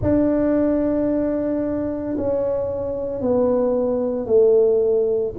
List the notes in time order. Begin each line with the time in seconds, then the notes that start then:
0.02 D4
2.17 C#4
3.21 B3
4.26 A3